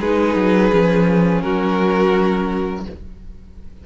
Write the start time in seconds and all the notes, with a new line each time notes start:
0.00 G#3 D#4 G#4 B4
0.35 F#3
0.72 F3 C#4
1.41 F#3 F#4 A#4